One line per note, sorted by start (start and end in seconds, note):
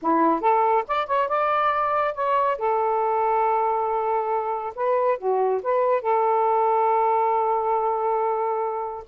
0.02 0.40 E4
0.40 0.84 A4
0.87 1.07 D5
1.07 1.28 C#5
1.28 2.14 D5
2.14 2.57 C#5
2.58 4.73 A4
4.75 5.18 B4
5.18 5.61 F#4
5.63 6.01 B4
6.01 9.03 A4